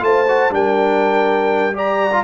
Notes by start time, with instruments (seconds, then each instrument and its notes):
0.00 tuba A3, trombone F4, horn C5, trumpet A5
0.29 trombone F#4
0.51 tuba G3, trombone D4, horn A#4, trumpet G5
1.74 trombone G4, horn D5, trumpet A#5
2.13 trombone F4